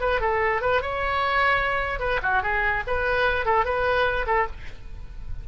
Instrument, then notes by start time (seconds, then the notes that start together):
oboe
0.00 B4
0.20 A4
0.61 B4
0.81 C#5
1.99 B4
2.22 F#4
2.42 G#4
2.87 B4
3.45 A4
3.64 B4
4.26 A4